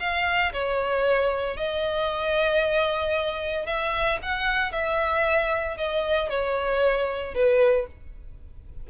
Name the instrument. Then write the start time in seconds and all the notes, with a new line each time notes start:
violin
0.00 F5
0.53 C#5
1.57 D#5
3.66 E5
4.22 F#5
4.72 E5
5.77 D#5
6.30 C#5
7.34 B4